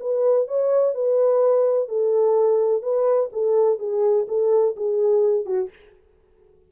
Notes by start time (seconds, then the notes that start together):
0.00 B4
0.48 C#5
0.94 B4
1.88 A4
2.82 B4
3.32 A4
3.79 G#4
4.28 A4
4.76 G#4
5.46 F#4